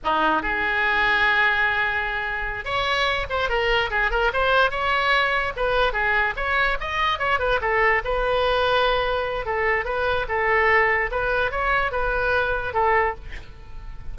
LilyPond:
\new Staff \with { instrumentName = "oboe" } { \time 4/4 \tempo 4 = 146 dis'4 gis'2.~ | gis'2~ gis'8 cis''4. | c''8 ais'4 gis'8 ais'8 c''4 cis''8~ | cis''4. b'4 gis'4 cis''8~ |
cis''8 dis''4 cis''8 b'8 a'4 b'8~ | b'2. a'4 | b'4 a'2 b'4 | cis''4 b'2 a'4 | }